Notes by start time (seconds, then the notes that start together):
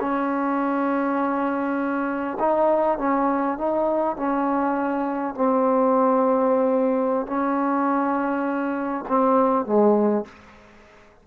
0.00 C#4
2.39 D#4
2.98 C#4
3.58 D#4
4.16 C#4
5.34 C4
7.26 C#4
9.08 C4
9.66 G#3